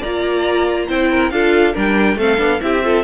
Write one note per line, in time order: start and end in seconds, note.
0.00 0.90 A#3
0.00 0.89 F4
0.00 0.86 D5
0.00 0.90 A#5
0.88 1.31 C4
0.88 1.32 E4
0.88 1.10 C5
0.88 1.31 G5
1.11 1.33 A#4
1.31 1.75 D4
1.31 1.74 F4
1.31 1.75 A4
1.31 1.74 F5
1.74 2.16 G3
1.74 2.17 D4
1.74 2.18 A#4
1.74 2.19 G5
2.16 2.38 A3
2.16 2.38 C4
2.16 2.62 A4
2.16 2.62 F5
2.38 2.61 B3
2.38 2.59 D4
2.61 3.04 C4
2.61 2.83 E4
2.61 2.85 G4
2.61 3.04 E5
2.84 3.04 F4
2.84 3.04 A4